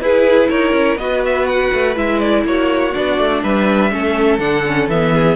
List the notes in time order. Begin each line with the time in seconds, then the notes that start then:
0.00 E4 G#4 B4
0.49 D#4 A#4 C#5
0.72 C#4
0.96 B3 F#4 B4 D#5
1.25 E5
1.46 F#5
1.73 A3
1.95 G#3 E4 E5
2.19 D5
2.44 A#3 F#4 C#5
2.93 B3 D4 D5
3.18 A3
3.42 G3 B4 E5
3.90 A3 C#4 A4
4.38 D3 D4 F#5
4.65 C#4
4.87 E3 B3 E5
5.14 G#4